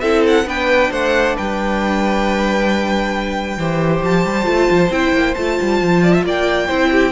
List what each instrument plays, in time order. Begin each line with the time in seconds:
0.00 cello C4, viola E4, violin A4 E5
0.27 violin F#5
0.44 cello B3, viola D4, violin B4 G5
0.91 cello A3, violin C5 F#5
1.35 cello G3, violin B4 G5
3.57 cello E3, viola G4, violin C5
4.02 cello F3, violin A5
4.25 cello G3
4.44 cello A3, viola F4
4.70 cello F3
4.90 cello C4, viola E4, violin G5
5.12 cello A#3
5.34 cello A3, viola F4, violin A5
5.61 cello G3
5.81 cello F3
6.03 violin D5
6.12 violin E5
6.24 cello A#3, violin D5 G5
6.67 cello C4, viola E4, violin C5
6.91 violin G4